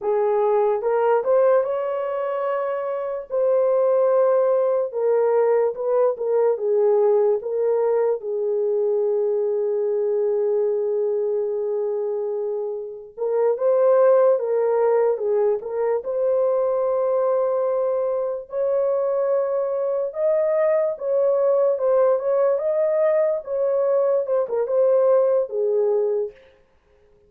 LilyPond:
\new Staff \with { instrumentName = "horn" } { \time 4/4 \tempo 4 = 73 gis'4 ais'8 c''8 cis''2 | c''2 ais'4 b'8 ais'8 | gis'4 ais'4 gis'2~ | gis'1 |
ais'8 c''4 ais'4 gis'8 ais'8 c''8~ | c''2~ c''8 cis''4.~ | cis''8 dis''4 cis''4 c''8 cis''8 dis''8~ | dis''8 cis''4 c''16 ais'16 c''4 gis'4 | }